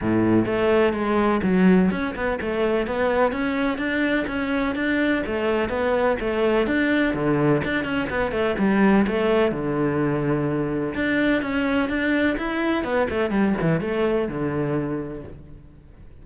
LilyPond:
\new Staff \with { instrumentName = "cello" } { \time 4/4 \tempo 4 = 126 a,4 a4 gis4 fis4 | cis'8 b8 a4 b4 cis'4 | d'4 cis'4 d'4 a4 | b4 a4 d'4 d4 |
d'8 cis'8 b8 a8 g4 a4 | d2. d'4 | cis'4 d'4 e'4 b8 a8 | g8 e8 a4 d2 | }